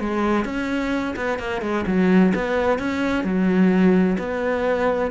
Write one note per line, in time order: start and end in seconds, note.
0.00 0.45 G#3
0.45 1.15 C#4
1.16 1.39 B3
1.39 1.62 A#3
1.62 1.85 G#3
1.87 2.33 F#3
2.35 2.79 B3
2.79 3.24 C#4
3.24 4.17 F#3
4.19 5.11 B3